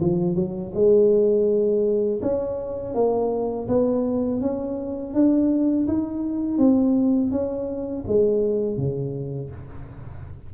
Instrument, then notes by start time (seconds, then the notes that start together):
tuba
0.00 F3
0.35 F#3
0.74 G#3
2.22 C#4
2.94 A#3
3.68 B3
4.41 C#4
5.14 D4
5.88 D#4
6.58 C4
7.31 C#4
8.07 G#3
8.77 C#3